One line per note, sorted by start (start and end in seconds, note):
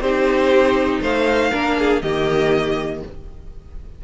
0.00 1.00 C4
0.00 1.51 D#4
0.00 1.01 G4
0.00 1.01 C5
1.01 1.52 A3
1.01 1.51 C5
1.01 2.02 F5
1.51 2.03 A#3
1.51 2.01 D4
1.51 1.76 A#4
1.79 2.03 G#4
2.02 3.03 D#3
2.02 3.04 A#3
2.02 3.03 G4
2.02 3.02 D#5